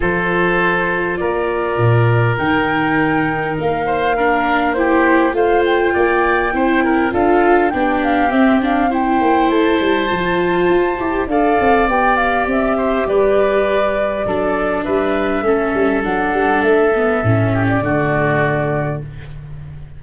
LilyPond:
<<
  \new Staff \with { instrumentName = "flute" } { \time 4/4 \tempo 4 = 101 c''2 d''2 | g''2 f''2 | c''4 f''8 g''2~ g''8 | f''4 g''8 f''8 e''8 f''8 g''4 |
a''2. f''4 | g''8 f''8 e''4 d''2~ | d''4 e''2 fis''4 | e''4.~ e''16 d''2~ d''16 | }
  \new Staff \with { instrumentName = "oboe" } { \time 4/4 a'2 ais'2~ | ais'2~ ais'8 c''8 ais'4 | g'4 c''4 d''4 c''8 ais'8 | a'4 g'2 c''4~ |
c''2. d''4~ | d''4. c''8 b'2 | a'4 b'4 a'2~ | a'4. g'8 fis'2 | }
  \new Staff \with { instrumentName = "viola" } { \time 4/4 f'1 | dis'2. d'4 | e'4 f'2 e'4 | f'4 d'4 c'8 d'8 e'4~ |
e'4 f'4. g'8 a'4 | g'1 | d'2 cis'4 d'4~ | d'8 b8 cis'4 a2 | }
  \new Staff \with { instrumentName = "tuba" } { \time 4/4 f2 ais4 ais,4 | dis2 ais2~ | ais4 a4 ais4 c'4 | d'4 b4 c'4. ais8 |
a8 g8 f4 f'8 e'8 d'8 c'8 | b4 c'4 g2 | fis4 g4 a8 g8 fis8 g8 | a4 a,4 d2 | }
>>